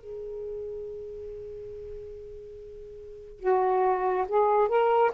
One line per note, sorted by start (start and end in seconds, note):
0.00 3.40 G#4
3.40 4.25 F#4
4.29 4.68 G#4
4.68 5.11 A#4